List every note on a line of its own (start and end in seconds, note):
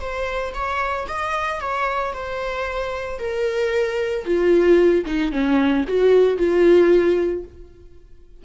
0.00 0.53 C5
0.54 1.07 C#5
1.08 1.60 D#5
1.60 2.13 C#5
2.13 3.19 C5
3.19 4.25 A#4
4.25 5.05 F4
5.05 5.32 D#4
5.32 5.85 C#4
5.87 6.37 F#4
6.37 7.44 F4